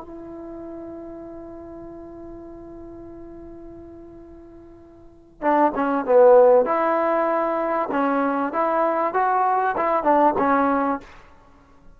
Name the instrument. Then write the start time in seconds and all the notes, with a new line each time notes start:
trombone
0.00 E4
5.41 D4
5.74 C#4
6.05 B3
6.65 E4
7.91 C#4
8.52 E4
9.13 F#4
9.77 E4
10.03 D4
10.38 C#4